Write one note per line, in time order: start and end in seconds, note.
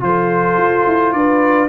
0.00 0.57 F3
0.00 1.68 F4
0.00 1.16 A4
0.00 1.13 C5
0.57 0.85 F4
0.86 1.13 E4
1.13 1.69 D4
1.13 1.69 B4
1.13 1.69 D5